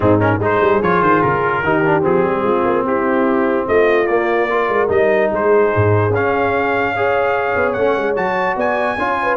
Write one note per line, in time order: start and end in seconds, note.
0.00 0.38 G#2
0.00 0.19 C4
0.00 0.40 D#4
0.00 0.19 G#4
0.19 0.40 C#4
0.19 0.40 A#4
0.38 0.59 G#3
0.38 0.82 D#4
0.38 0.82 C5
0.45 1.64 G#4
0.60 0.80 G3
0.81 1.01 F3
0.81 1.63 F4
0.81 1.02 C#5
1.01 1.21 D#3
1.01 1.22 C5
1.22 1.63 C#3
1.22 2.03 A#4
1.63 2.04 D#3
1.63 1.84 D#4
1.63 2.43 G4
1.85 2.01 D4
2.01 2.24 F3
2.01 4.05 C4
2.01 2.86 G#4
2.24 2.42 G3
2.42 2.63 G#3
2.42 2.84 F4
2.65 2.83 A#3
2.83 3.65 C4
2.83 3.68 E4
2.83 3.67 G4
3.67 4.08 A3
3.67 4.49 F4
3.67 4.07 D#5
4.07 4.68 A#3
4.07 4.50 A#3
4.07 4.88 D5
4.50 4.88 F4
4.50 5.32 A#4
4.68 4.89 G#3
4.88 5.30 G3
4.88 6.10 D#4
4.88 5.30 D#5
5.32 5.72 G#3
5.32 6.93 G#4
5.32 6.14 C5
5.75 6.09 G#2
6.09 7.52 C#4
6.09 6.95 C#4
6.09 7.72 F5
6.93 7.77 G#4
6.93 8.56 C#5
7.55 7.75 B3
7.72 7.96 A3
7.72 8.15 C#4
7.72 8.13 F#5
7.97 8.16 G#3
8.15 8.56 F#3
8.15 8.97 F#4
8.15 8.57 A5
8.56 8.96 B3
8.56 8.97 D5
8.56 9.37 G#5
8.97 9.37 C#4
8.97 9.37 F4
8.97 9.19 C#5
9.22 9.37 B4